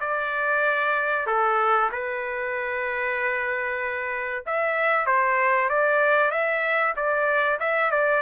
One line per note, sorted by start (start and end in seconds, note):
0.00 1.26 D5
1.27 1.90 A4
1.91 4.44 B4
4.46 5.06 E5
5.06 5.69 C5
5.69 6.31 D5
6.31 6.94 E5
6.96 7.59 D5
7.60 7.91 E5
7.91 8.22 D5